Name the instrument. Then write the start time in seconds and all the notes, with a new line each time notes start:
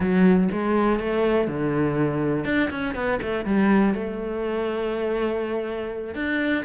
cello
0.00 F#3
0.52 G#3
0.99 A3
1.47 D3
2.45 D4
2.70 C#4
2.94 B3
3.22 A3
3.45 G3
3.94 A3
6.14 D4